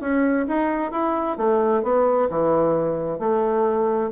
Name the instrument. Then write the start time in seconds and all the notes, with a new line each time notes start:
bassoon
0.00 C#4
0.47 D#4
0.91 E4
1.37 A3
1.83 B3
2.30 E3
3.19 A3